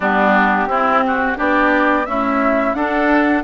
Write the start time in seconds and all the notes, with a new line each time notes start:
0.00 G3 B3 D4 G4
0.66 C4 E4
1.07 F#4
1.36 B3 D4 G4 D5
2.05 A3 C#4 E4 E5
2.74 D4 A4 F#5